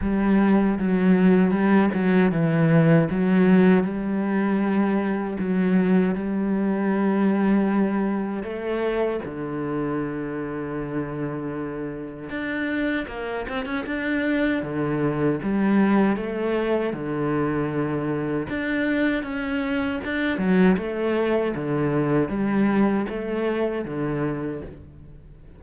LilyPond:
\new Staff \with { instrumentName = "cello" } { \time 4/4 \tempo 4 = 78 g4 fis4 g8 fis8 e4 | fis4 g2 fis4 | g2. a4 | d1 |
d'4 ais8 c'16 cis'16 d'4 d4 | g4 a4 d2 | d'4 cis'4 d'8 fis8 a4 | d4 g4 a4 d4 | }